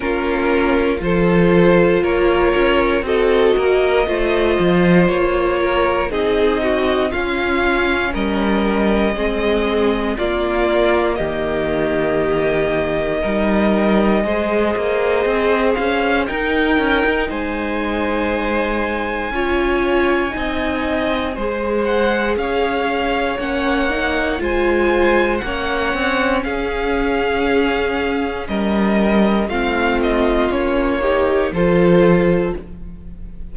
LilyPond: <<
  \new Staff \with { instrumentName = "violin" } { \time 4/4 \tempo 4 = 59 ais'4 c''4 cis''4 dis''4~ | dis''4 cis''4 dis''4 f''4 | dis''2 d''4 dis''4~ | dis''2.~ dis''8 f''8 |
g''4 gis''2.~ | gis''4. fis''8 f''4 fis''4 | gis''4 fis''4 f''2 | dis''4 f''8 dis''8 cis''4 c''4 | }
  \new Staff \with { instrumentName = "violin" } { \time 4/4 f'4 a'4 ais'4 a'8 ais'8 | c''4. ais'8 gis'8 fis'8 f'4 | ais'4 gis'4 f'4 g'4~ | g'4 ais'4 c''2 |
ais'4 c''2 cis''4 | dis''4 c''4 cis''2 | c''4 cis''4 gis'2 | ais'4 f'4. g'8 a'4 | }
  \new Staff \with { instrumentName = "viola" } { \time 4/4 cis'4 f'2 fis'4 | f'2 dis'4 cis'4~ | cis'4 c'4 ais2~ | ais4 dis'4 gis'2 |
dis'2. f'4 | dis'4 gis'2 cis'8 dis'8 | f'4 cis'2.~ | cis'4 c'4 cis'8 dis'8 f'4 | }
  \new Staff \with { instrumentName = "cello" } { \time 4/4 ais4 f4 ais8 cis'8 c'8 ais8 | a8 f8 ais4 c'4 cis'4 | g4 gis4 ais4 dis4~ | dis4 g4 gis8 ais8 c'8 cis'8 |
dis'8 cis'16 dis'16 gis2 cis'4 | c'4 gis4 cis'4 ais4 | gis4 ais8 c'8 cis'2 | g4 a4 ais4 f4 | }
>>